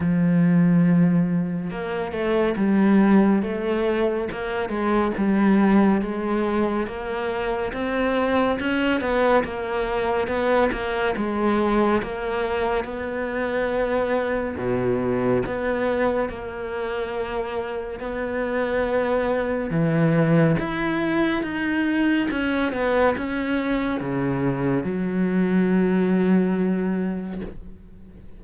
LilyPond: \new Staff \with { instrumentName = "cello" } { \time 4/4 \tempo 4 = 70 f2 ais8 a8 g4 | a4 ais8 gis8 g4 gis4 | ais4 c'4 cis'8 b8 ais4 | b8 ais8 gis4 ais4 b4~ |
b4 b,4 b4 ais4~ | ais4 b2 e4 | e'4 dis'4 cis'8 b8 cis'4 | cis4 fis2. | }